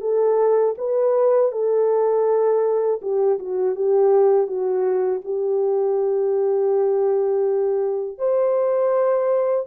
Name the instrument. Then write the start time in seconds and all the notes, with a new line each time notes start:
horn
0.00 A4
0.77 B4
1.52 A4
3.01 G4
3.39 F#4
3.75 G4
4.47 F#4
5.24 G4
8.18 C5